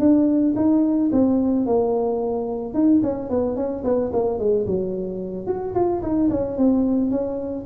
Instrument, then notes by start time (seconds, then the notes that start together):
tuba
0.00 D4
0.57 D#4
1.12 C4
1.66 A#3
2.74 D#4
3.03 C#4
3.30 B3
3.56 C#4
3.84 B3
4.13 A#3
4.39 G#3
4.67 F#3
5.47 F#4
5.75 F4
6.03 D#4
6.30 C#4
6.58 C4
7.11 C#4